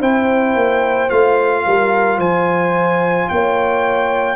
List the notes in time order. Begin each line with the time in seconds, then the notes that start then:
0.00 C4 E4 C5 G5
0.55 A#3
1.09 A3 F4 F5
1.67 G3 A#4
2.18 F3 C5 G#5
3.29 A#3 C#5 G5